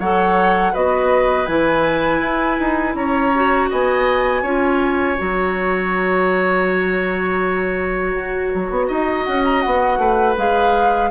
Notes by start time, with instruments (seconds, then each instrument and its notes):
0.00 bassoon F#3, clarinet A4, oboe C#5, flute F#5
0.73 bassoon B3, clarinet F#4, oboe B4, flute D#5
1.47 bassoon E3, clarinet E4, flute G#5
2.22 bassoon E4
2.60 bassoon D#4
2.95 bassoon C#4, oboe C#5, flute A#5
3.35 clarinet F#4
3.70 bassoon B3, oboe D#5, flute G#5
4.42 bassoon C#4, clarinet F4, oboe C#5
5.18 bassoon F#3, clarinet F#4, flute A#5
8.16 bassoon F#4
8.55 bassoon F#3
8.71 bassoon B3
8.88 bassoon D#4, oboe D#5
9.25 bassoon C#4, flute F#5
9.45 flute A#5
9.61 bassoon B3, flute F#5
9.98 bassoon A3, oboe B4
10.37 bassoon G#3, clarinet G#4, flute F5